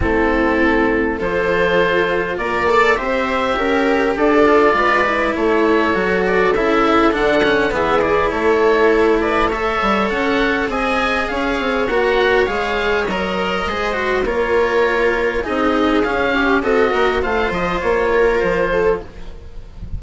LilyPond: <<
  \new Staff \with { instrumentName = "oboe" } { \time 4/4 \tempo 4 = 101 a'2 c''2 | d''4 e''2 d''4~ | d''4 cis''4. d''8 e''4 | fis''4 e''8 d''8 cis''4. d''8 |
e''4 fis''4 gis''4 f''4 | fis''4 f''4 dis''2 | cis''2 dis''4 f''4 | dis''4 f''8 dis''8 cis''4 c''4 | }
  \new Staff \with { instrumentName = "viola" } { \time 4/4 e'2 a'2 | ais'8 d''8 c''4 ais'4 a'4 | b'4 a'2.~ | a'4 gis'4 a'4. b'8 |
cis''2 dis''4 cis''4~ | cis''2. c''4 | ais'2 gis'4. g'8 | a'8 ais'8 c''4. ais'4 a'8 | }
  \new Staff \with { instrumentName = "cello" } { \time 4/4 c'2 f'2~ | f'8 a'8 g'2~ g'8 f'8~ | f'8 e'4. fis'4 e'4 | d'8 cis'8 b8 e'2~ e'8 |
a'2 gis'2 | fis'4 gis'4 ais'4 gis'8 fis'8 | f'2 dis'4 cis'4 | fis'4 f'2. | }
  \new Staff \with { instrumentName = "bassoon" } { \time 4/4 a2 f2 | ais4 c'4 cis'4 d'4 | gis4 a4 fis4 cis4 | d4 e4 a2~ |
a8 g8 cis'4 c'4 cis'8 c'8 | ais4 gis4 fis4 gis4 | ais2 c'4 cis'4 | c'8 ais8 a8 f8 ais4 f4 | }
>>